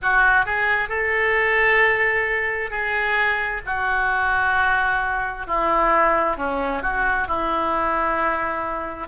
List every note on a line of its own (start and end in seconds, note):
0.02 0.45 F#4
0.45 0.88 G#4
0.88 2.70 A4
2.70 3.61 G#4
3.66 5.46 F#4
5.46 6.36 E4
6.36 6.82 C#4
6.82 7.27 F#4
7.27 9.07 E4